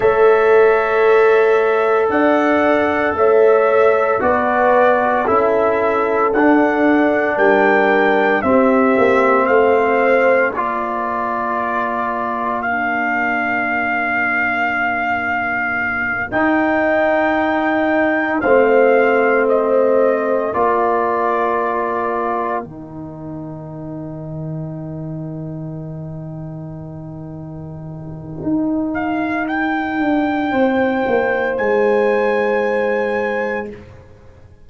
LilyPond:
<<
  \new Staff \with { instrumentName = "trumpet" } { \time 4/4 \tempo 4 = 57 e''2 fis''4 e''4 | d''4 e''4 fis''4 g''4 | e''4 f''4 d''2 | f''2.~ f''8 g''8~ |
g''4. f''4 dis''4 d''8~ | d''4. g''2~ g''8~ | g''2.~ g''8 f''8 | g''2 gis''2 | }
  \new Staff \with { instrumentName = "horn" } { \time 4/4 cis''2 d''4 cis''4 | b'4 a'2 ais'4 | g'4 c''4 ais'2~ | ais'1~ |
ais'4. c''2 ais'8~ | ais'1~ | ais'1~ | ais'4 c''2. | }
  \new Staff \with { instrumentName = "trombone" } { \time 4/4 a'1 | fis'4 e'4 d'2 | c'2 f'2 | d'2.~ d'8 dis'8~ |
dis'4. c'2 f'8~ | f'4. dis'2~ dis'8~ | dis'1~ | dis'1 | }
  \new Staff \with { instrumentName = "tuba" } { \time 4/4 a2 d'4 a4 | b4 cis'4 d'4 g4 | c'8 ais8 a4 ais2~ | ais2.~ ais8 dis'8~ |
dis'4. a2 ais8~ | ais4. dis2~ dis8~ | dis2. dis'4~ | dis'8 d'8 c'8 ais8 gis2 | }
>>